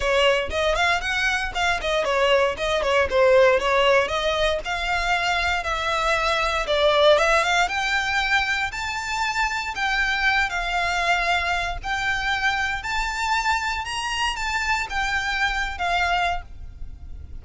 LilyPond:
\new Staff \with { instrumentName = "violin" } { \time 4/4 \tempo 4 = 117 cis''4 dis''8 f''8 fis''4 f''8 dis''8 | cis''4 dis''8 cis''8 c''4 cis''4 | dis''4 f''2 e''4~ | e''4 d''4 e''8 f''8 g''4~ |
g''4 a''2 g''4~ | g''8 f''2~ f''8 g''4~ | g''4 a''2 ais''4 | a''4 g''4.~ g''16 f''4~ f''16 | }